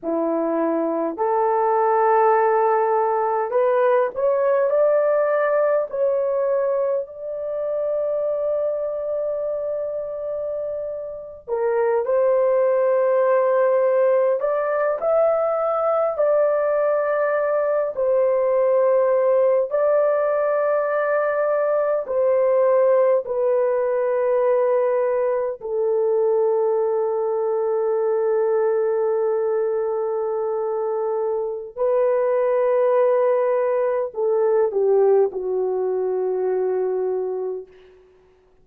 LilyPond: \new Staff \with { instrumentName = "horn" } { \time 4/4 \tempo 4 = 51 e'4 a'2 b'8 cis''8 | d''4 cis''4 d''2~ | d''4.~ d''16 ais'8 c''4.~ c''16~ | c''16 d''8 e''4 d''4. c''8.~ |
c''8. d''2 c''4 b'16~ | b'4.~ b'16 a'2~ a'16~ | a'2. b'4~ | b'4 a'8 g'8 fis'2 | }